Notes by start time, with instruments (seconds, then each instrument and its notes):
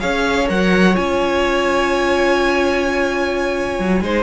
0.00 cello C#4, viola G#4, violin C#5 F5
0.47 cello F#3, viola A#4, violin F#5
0.94 cello C#4, viola F4, violin G#5
3.80 cello F#3
4.01 cello G#3, viola D#4, violin C5